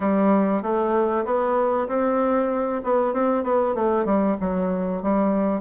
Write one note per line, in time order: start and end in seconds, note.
0.00 0.62 G3
0.62 1.24 A3
1.25 1.87 B3
1.88 2.81 C4
2.84 3.13 B3
3.13 3.43 C4
3.43 3.74 B3
3.74 4.05 A3
4.05 4.36 G3
4.40 5.02 F#3
5.02 5.61 G3